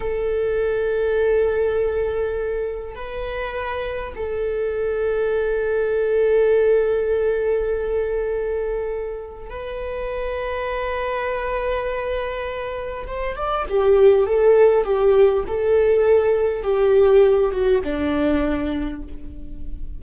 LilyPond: \new Staff \with { instrumentName = "viola" } { \time 4/4 \tempo 4 = 101 a'1~ | a'4 b'2 a'4~ | a'1~ | a'1 |
b'1~ | b'2 c''8 d''8 g'4 | a'4 g'4 a'2 | g'4. fis'8 d'2 | }